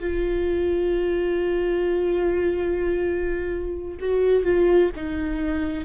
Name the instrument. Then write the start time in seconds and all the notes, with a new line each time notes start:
viola
0.00 F4
4.00 F#4
4.44 F4
4.96 D#4